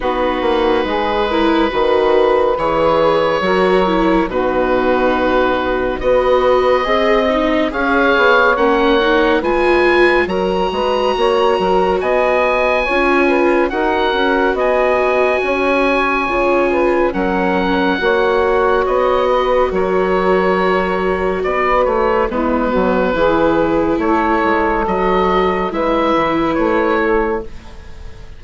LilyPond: <<
  \new Staff \with { instrumentName = "oboe" } { \time 4/4 \tempo 4 = 70 b'2. cis''4~ | cis''4 b'2 dis''4~ | dis''4 f''4 fis''4 gis''4 | ais''2 gis''2 |
fis''4 gis''2. | fis''2 dis''4 cis''4~ | cis''4 d''8 cis''8 b'2 | cis''4 dis''4 e''4 cis''4 | }
  \new Staff \with { instrumentName = "saxophone" } { \time 4/4 fis'4 gis'8 ais'8 b'2 | ais'4 fis'2 b'4 | dis''4 cis''2 b'4 | ais'8 b'8 cis''8 ais'8 dis''4 cis''8 b'8 |
ais'4 dis''4 cis''4. b'8 | ais'4 cis''4. b'8 ais'4~ | ais'4 b'4 e'8 fis'8 gis'4 | a'2 b'4. a'8 | }
  \new Staff \with { instrumentName = "viola" } { \time 4/4 dis'4. e'8 fis'4 gis'4 | fis'8 e'8 dis'2 fis'4 | gis'8 dis'8 gis'4 cis'8 dis'8 f'4 | fis'2. f'4 |
fis'2. f'4 | cis'4 fis'2.~ | fis'2 b4 e'4~ | e'4 fis'4 e'2 | }
  \new Staff \with { instrumentName = "bassoon" } { \time 4/4 b8 ais8 gis4 dis4 e4 | fis4 b,2 b4 | c'4 cis'8 b8 ais4 gis4 | fis8 gis8 ais8 fis8 b4 cis'4 |
dis'8 cis'8 b4 cis'4 cis4 | fis4 ais4 b4 fis4~ | fis4 b8 a8 gis8 fis8 e4 | a8 gis8 fis4 gis8 e8 a4 | }
>>